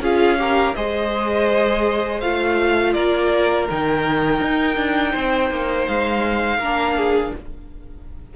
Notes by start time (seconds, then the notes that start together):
0.00 C#4 F4 G#4 F5
0.38 G4 A#4
0.75 G#3 G#4 C5 D#5
2.21 A3 F4 F5
2.93 A#3 A#4 D5
3.70 D#3 D#4 G5
4.41 D#4
4.77 D4
5.12 C4 C5
5.51 A#3
5.87 G#3 F5
6.58 A#3 D4 A#4
6.97 G#4